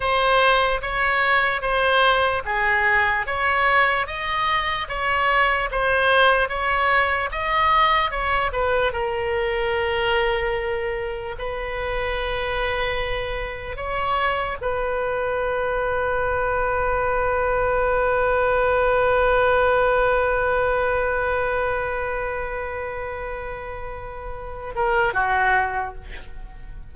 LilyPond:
\new Staff \with { instrumentName = "oboe" } { \time 4/4 \tempo 4 = 74 c''4 cis''4 c''4 gis'4 | cis''4 dis''4 cis''4 c''4 | cis''4 dis''4 cis''8 b'8 ais'4~ | ais'2 b'2~ |
b'4 cis''4 b'2~ | b'1~ | b'1~ | b'2~ b'8 ais'8 fis'4 | }